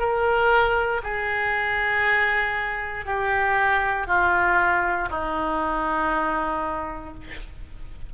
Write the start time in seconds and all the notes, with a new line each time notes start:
0.00 A#4
1.03 G#4
3.06 G4
4.07 F4
5.11 D#4